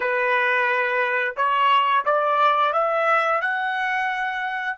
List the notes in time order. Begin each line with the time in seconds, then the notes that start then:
0.00 B4
1.36 C#5
2.05 D5
2.72 E5
3.41 F#5